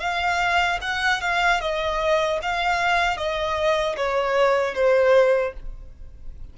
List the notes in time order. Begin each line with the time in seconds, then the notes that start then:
0.00 F5
0.82 F#5
1.21 F5
1.61 D#5
2.42 F5
3.17 D#5
3.97 C#5
4.75 C5